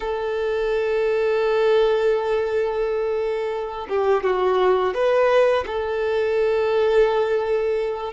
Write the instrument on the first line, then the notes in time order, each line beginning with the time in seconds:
violin
0.00 A4
3.89 G4
4.23 F#4
4.93 B4
5.66 A4